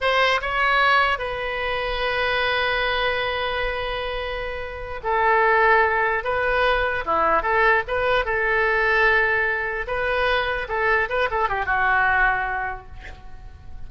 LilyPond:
\new Staff \with { instrumentName = "oboe" } { \time 4/4 \tempo 4 = 149 c''4 cis''2 b'4~ | b'1~ | b'1~ | b'8 a'2. b'8~ |
b'4. e'4 a'4 b'8~ | b'8 a'2.~ a'8~ | a'8 b'2 a'4 b'8 | a'8 g'8 fis'2. | }